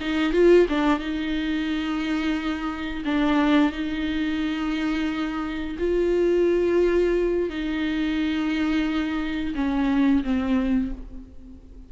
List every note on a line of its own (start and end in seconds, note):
0.00 0.32 D#4
0.32 0.66 F4
0.68 0.99 D4
0.99 3.03 D#4
3.05 3.72 D4
3.72 5.76 D#4
5.79 7.49 F4
7.49 9.54 D#4
9.55 10.23 C#4
10.23 10.92 C4